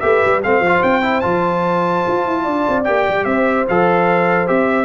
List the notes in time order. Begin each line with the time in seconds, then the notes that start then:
0.00 A3 G4 B4 E5
0.25 G3
0.43 A3 C4 C5 F5
0.60 F3
0.67 F4
0.83 C4 G5
1.02 E4
1.21 F3 F4 A5
2.08 F4
2.26 E4
2.43 D4 D5
2.68 C4
2.84 A#3 G4 G5
3.09 G3
3.24 C4 C5 E5
3.68 F3 A4 F5
4.47 C4 G4 E5